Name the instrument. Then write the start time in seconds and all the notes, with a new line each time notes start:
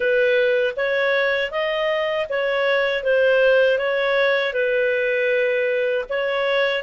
clarinet
0.00 B4
0.76 C#5
1.51 D#5
2.29 C#5
3.03 C5
3.78 C#5
4.53 B4
6.09 C#5